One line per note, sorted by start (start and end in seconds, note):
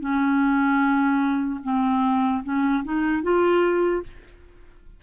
0.00 1.60 C#4
1.63 2.43 C4
2.44 2.84 C#4
2.84 3.23 D#4
3.23 4.03 F4